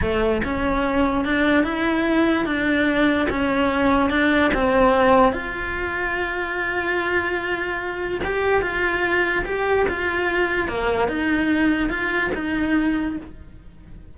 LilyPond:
\new Staff \with { instrumentName = "cello" } { \time 4/4 \tempo 4 = 146 a4 cis'2 d'4 | e'2 d'2 | cis'2 d'4 c'4~ | c'4 f'2.~ |
f'1 | g'4 f'2 g'4 | f'2 ais4 dis'4~ | dis'4 f'4 dis'2 | }